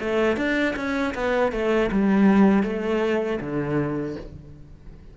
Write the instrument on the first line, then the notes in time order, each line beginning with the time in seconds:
cello
0.00 A3
0.37 D4
0.76 C#4
1.14 B3
1.52 A3
1.92 G3
2.63 A3
3.40 D3